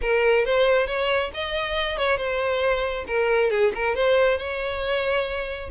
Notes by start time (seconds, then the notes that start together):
0.01 A#4
0.45 C5
0.87 C#5
1.34 D#5
1.97 C#5
2.17 C5
3.07 A#4
3.50 G#4
3.74 A#4
3.95 C5
4.38 C#5